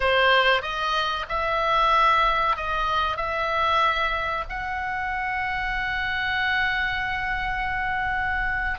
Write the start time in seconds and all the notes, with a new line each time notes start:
0.00 C5
0.62 D#5
1.29 E5
2.56 D#5
3.16 E5
4.49 F#5